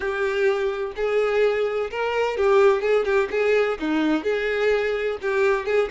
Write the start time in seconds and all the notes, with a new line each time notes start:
0.00 G4
0.96 G#4
1.90 A#4
2.37 G4
2.81 G#4
3.05 G4
3.30 G#4
3.79 D#4
4.23 G#4
5.21 G4
5.65 G#4